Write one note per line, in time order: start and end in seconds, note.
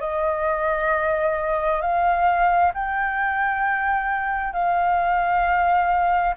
0.00 1.81 D#5
1.81 2.72 F5
2.74 4.53 G5
4.53 6.35 F5